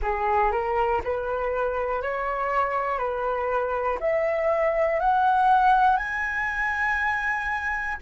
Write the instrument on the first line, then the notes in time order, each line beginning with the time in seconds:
flute
0.01 G#4
0.51 A#4
1.04 B4
2.01 C#5
2.98 B4
4.00 E5
5.00 F#5
5.96 G#5